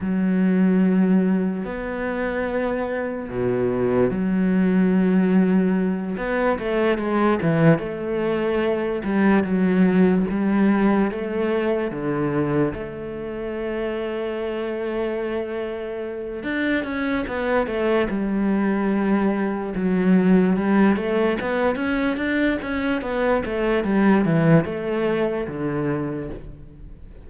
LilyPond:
\new Staff \with { instrumentName = "cello" } { \time 4/4 \tempo 4 = 73 fis2 b2 | b,4 fis2~ fis8 b8 | a8 gis8 e8 a4. g8 fis8~ | fis8 g4 a4 d4 a8~ |
a1 | d'8 cis'8 b8 a8 g2 | fis4 g8 a8 b8 cis'8 d'8 cis'8 | b8 a8 g8 e8 a4 d4 | }